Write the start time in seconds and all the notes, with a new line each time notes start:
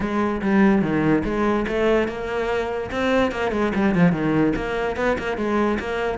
0.00 G#3
0.41 G3
0.81 D#3
1.24 G#3
1.67 A3
2.07 A#3
2.91 C4
3.31 A#3
3.51 G#3
3.74 G3
3.94 F3
4.12 D#3
4.56 A#3
4.96 B3
5.18 A#3
5.37 G#3
5.79 A#3